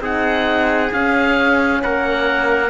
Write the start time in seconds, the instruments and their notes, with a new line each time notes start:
0.00 cello C4, horn D#4, trumpet G#4, oboe F#5
0.93 cello C#4, horn C#4, oboe F5
1.83 cello A#3, trumpet A#4, oboe F#5